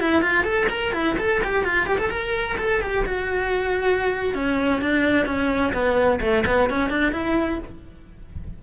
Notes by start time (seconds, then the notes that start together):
0.00 E4
0.22 F4
0.43 A4
0.69 A#4
0.93 E4
1.18 A4
1.44 G4
1.64 F4
1.86 G4
1.98 A4
2.09 A#4
2.58 A4
2.81 G4
3.05 F#4
4.34 C#4
4.81 D4
5.26 C#4
5.73 B3
6.21 A3
6.46 B3
6.70 C#4
6.89 D4
7.12 E4